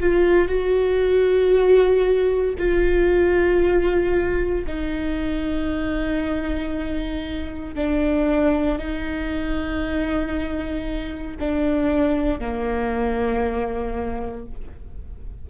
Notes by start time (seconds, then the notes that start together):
0.00 F4
0.48 F#4
2.58 F4
4.66 D#4
7.75 D4
8.78 D#4
11.39 D4
12.39 A#3